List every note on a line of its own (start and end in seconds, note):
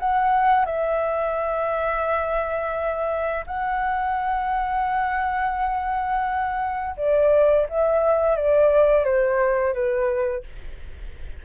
0.00 0.66 F#5
0.66 3.45 E5
3.47 6.95 F#5
6.97 7.67 D5
7.69 8.37 E5
8.37 9.05 D5
9.05 9.74 C5
9.74 10.44 B4